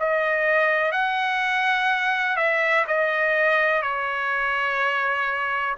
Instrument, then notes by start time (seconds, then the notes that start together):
trumpet
0.00 D#5
0.92 F#5
2.37 E5
2.88 D#5
3.82 C#5